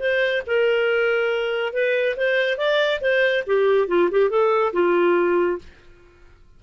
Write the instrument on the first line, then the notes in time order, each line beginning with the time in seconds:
clarinet
0.00 C5
0.47 A#4
1.74 B4
2.17 C5
2.58 D5
3.02 C5
3.47 G4
3.88 F4
4.11 G4
4.30 A4
4.73 F4